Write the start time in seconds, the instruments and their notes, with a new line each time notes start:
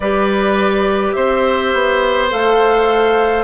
0.00 bassoon G3, clarinet G4, oboe B4, flute D5
1.12 bassoon C4, oboe C5, flute E5
1.73 bassoon B3
2.30 bassoon A3, clarinet A4, flute F5